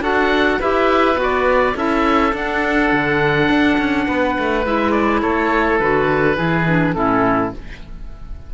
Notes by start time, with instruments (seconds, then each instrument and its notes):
0.00 cello D4, clarinet F#4, oboe A4 F#5
0.59 cello E4, clarinet G4, oboe B4 E5
1.15 cello B3, clarinet F#4
1.22 oboe D5
1.76 cello C#4, clarinet E4, oboe A4 E5
2.32 clarinet D4, cello D4, oboe F#5
2.92 cello D3
3.49 cello D4
3.78 cello C#4
4.07 cello B3, oboe B4
4.38 cello A3
4.66 cello G#3, clarinet E4, oboe E5
4.91 oboe D5
5.21 cello A3, oboe A4 C#5
5.79 cello D3, clarinet F#4, oboe B4
6.34 cello E3, clarinet E4, oboe G#4
6.68 clarinet D4
6.94 cello A2, clarinet C#4, oboe E4 A4